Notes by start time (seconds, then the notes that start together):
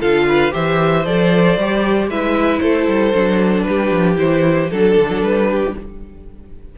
0.00 D3 F4 A4 F5
0.28 B4
0.51 E3 G4 C5 E5
1.05 F3 A4 D5
1.57 G3 G4
2.07 G#3 E4 B4 E5
2.59 A3 A4 C5
2.87 G3
3.13 F#3 D4
3.62 G4 B4
3.68 G3
3.91 F3
4.16 E3 E4 C5
4.70 F#3 D4 A4
4.98 D3
5.09 F#3
5.22 G3 B4
5.49 G4